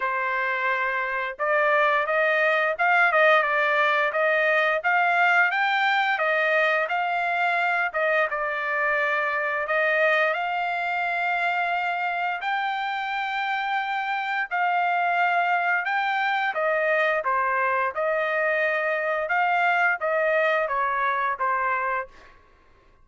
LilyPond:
\new Staff \with { instrumentName = "trumpet" } { \time 4/4 \tempo 4 = 87 c''2 d''4 dis''4 | f''8 dis''8 d''4 dis''4 f''4 | g''4 dis''4 f''4. dis''8 | d''2 dis''4 f''4~ |
f''2 g''2~ | g''4 f''2 g''4 | dis''4 c''4 dis''2 | f''4 dis''4 cis''4 c''4 | }